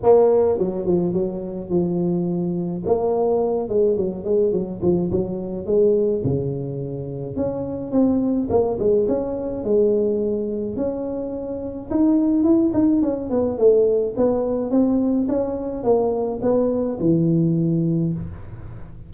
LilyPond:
\new Staff \with { instrumentName = "tuba" } { \time 4/4 \tempo 4 = 106 ais4 fis8 f8 fis4 f4~ | f4 ais4. gis8 fis8 gis8 | fis8 f8 fis4 gis4 cis4~ | cis4 cis'4 c'4 ais8 gis8 |
cis'4 gis2 cis'4~ | cis'4 dis'4 e'8 dis'8 cis'8 b8 | a4 b4 c'4 cis'4 | ais4 b4 e2 | }